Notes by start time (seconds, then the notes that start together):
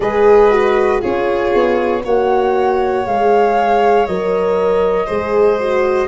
0.00 G#3 G#4 B4 D#5
0.50 F#4
1.00 C#4 F4 G#4 C#5
1.54 B3
2.04 A#3 F#4 C#5 F#5
3.05 G#3 G#4 F5
4.06 F#3 A#4 D#5
5.06 G#3 G#4 C5
5.60 F#4